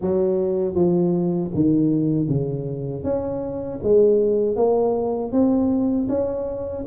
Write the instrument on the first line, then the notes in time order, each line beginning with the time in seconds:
tuba
0.01 F#3
0.75 F3
1.54 D#3
2.28 C#3
3.03 C#4
3.83 G#3
4.56 A#3
5.32 C4
6.09 C#4